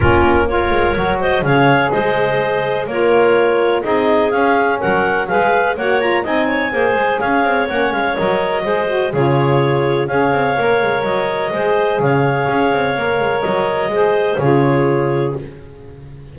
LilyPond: <<
  \new Staff \with { instrumentName = "clarinet" } { \time 4/4 \tempo 4 = 125 ais'4 cis''4. dis''8 f''4 | dis''2 cis''2 | dis''4 f''4 fis''4 f''4 | fis''8 ais''8 gis''2 f''4 |
fis''8 f''8 dis''2 cis''4~ | cis''4 f''2 dis''4~ | dis''4 f''2. | dis''2 cis''2 | }
  \new Staff \with { instrumentName = "clarinet" } { \time 4/4 f'4 ais'4. c''8 cis''4 | c''2 ais'2 | gis'2 ais'4 b'4 | cis''4 dis''8 cis''8 c''4 cis''4~ |
cis''2 c''4 gis'4~ | gis'4 cis''2. | c''4 cis''2.~ | cis''4 c''4 gis'2 | }
  \new Staff \with { instrumentName = "saxophone" } { \time 4/4 cis'4 f'4 fis'4 gis'4~ | gis'2 f'2 | dis'4 cis'2 gis'4 | fis'8 f'8 dis'4 gis'2 |
cis'4 ais'4 gis'8 fis'8 f'4~ | f'4 gis'4 ais'2 | gis'2. ais'4~ | ais'4 gis'4 f'2 | }
  \new Staff \with { instrumentName = "double bass" } { \time 4/4 ais4. gis8 fis4 cis4 | gis2 ais2 | c'4 cis'4 fis4 gis4 | ais4 c'4 ais8 gis8 cis'8 c'8 |
ais8 gis8 fis4 gis4 cis4~ | cis4 cis'8 c'8 ais8 gis8 fis4 | gis4 cis4 cis'8 c'8 ais8 gis8 | fis4 gis4 cis2 | }
>>